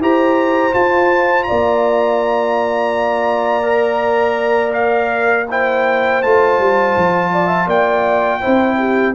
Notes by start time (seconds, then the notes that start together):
0.00 E4 G4 C5 A#5
0.72 F4 A5
1.43 D5 A#5
1.50 A#3
3.63 A#4
4.73 F5
5.50 E4 C5 G5
6.22 A3 F4 A5
6.59 G3
6.97 F3
7.33 D5
7.47 E5
7.66 A#3 D5 G5
8.41 C4 E4 C5
8.78 G4